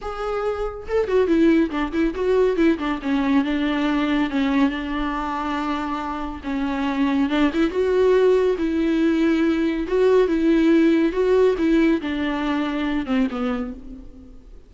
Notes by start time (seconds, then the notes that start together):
0.01 G#4
0.87 A4
1.07 F#4
1.27 E4
1.70 D4
1.92 E4
2.14 F#4
2.56 E4
2.78 D4
3.02 C#4
3.44 D4
4.30 C#4
4.69 D4
6.43 C#4
7.29 D4
7.53 E4
7.70 F#4
8.58 E4
9.87 F#4
10.27 E4
11.12 F#4
11.58 E4
12.01 D4
13.06 C4
13.31 B3